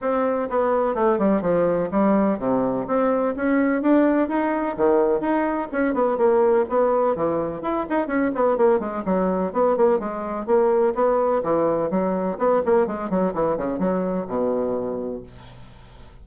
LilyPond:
\new Staff \with { instrumentName = "bassoon" } { \time 4/4 \tempo 4 = 126 c'4 b4 a8 g8 f4 | g4 c4 c'4 cis'4 | d'4 dis'4 dis4 dis'4 | cis'8 b8 ais4 b4 e4 |
e'8 dis'8 cis'8 b8 ais8 gis8 fis4 | b8 ais8 gis4 ais4 b4 | e4 fis4 b8 ais8 gis8 fis8 | e8 cis8 fis4 b,2 | }